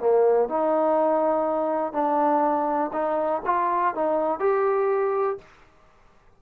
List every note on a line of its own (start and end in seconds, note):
0.00 0.49 A#3
0.49 1.93 D#4
1.93 2.91 D4
2.93 3.42 D#4
3.46 3.95 F4
3.95 4.40 D#4
4.40 5.38 G4